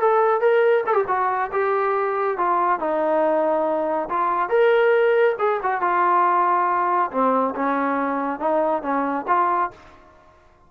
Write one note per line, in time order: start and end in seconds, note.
0.00 0.41 A4
0.41 0.84 A#4
0.87 0.94 A4
0.94 1.04 G4
1.08 1.51 F#4
1.52 2.38 G4
2.38 2.80 F4
2.80 4.09 D#4
4.09 4.50 F4
4.50 5.36 A#4
5.39 5.61 G#4
5.63 5.82 F#4
5.82 7.11 F4
7.11 7.54 C4
7.56 8.40 C#4
8.40 8.83 D#4
8.83 9.26 C#4
9.28 9.71 F4